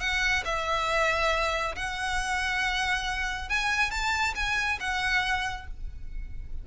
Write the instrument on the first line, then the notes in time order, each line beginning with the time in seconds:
violin
0.00 F#5
0.45 E5
1.75 F#5
3.49 G#5
3.91 A5
4.35 G#5
4.80 F#5